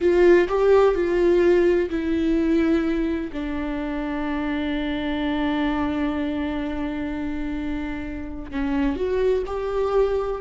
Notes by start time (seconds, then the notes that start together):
0.00 F4
0.48 G4
0.94 F4
1.89 E4
3.32 D4
8.51 C#4
8.96 F#4
9.46 G4